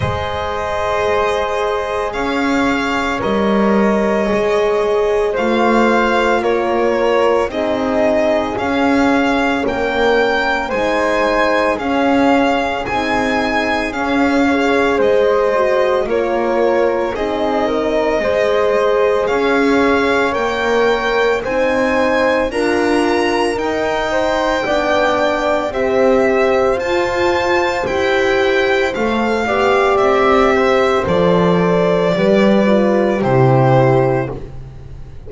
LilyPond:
<<
  \new Staff \with { instrumentName = "violin" } { \time 4/4 \tempo 4 = 56 dis''2 f''4 dis''4~ | dis''4 f''4 cis''4 dis''4 | f''4 g''4 gis''4 f''4 | gis''4 f''4 dis''4 cis''4 |
dis''2 f''4 g''4 | gis''4 ais''4 g''2 | e''4 a''4 g''4 f''4 | e''4 d''2 c''4 | }
  \new Staff \with { instrumentName = "flute" } { \time 4/4 c''2 cis''2~ | cis''4 c''4 ais'4 gis'4~ | gis'4 ais'4 c''4 gis'4~ | gis'4. cis''8 c''4 ais'4 |
gis'8 ais'8 c''4 cis''2 | c''4 ais'4. c''8 d''4 | c''2.~ c''8 d''8~ | d''8 c''4. b'4 g'4 | }
  \new Staff \with { instrumentName = "horn" } { \time 4/4 gis'2. ais'4 | gis'4 f'2 dis'4 | cis'2 dis'4 cis'4 | dis'4 cis'8 gis'4 fis'8 f'4 |
dis'4 gis'2 ais'4 | dis'4 f'4 dis'4 d'4 | g'4 f'4 g'4 a'8 g'8~ | g'4 a'4 g'8 f'8 e'4 | }
  \new Staff \with { instrumentName = "double bass" } { \time 4/4 gis2 cis'4 g4 | gis4 a4 ais4 c'4 | cis'4 ais4 gis4 cis'4 | c'4 cis'4 gis4 ais4 |
c'4 gis4 cis'4 ais4 | c'4 d'4 dis'4 b4 | c'4 f'4 e'4 a8 b8 | c'4 f4 g4 c4 | }
>>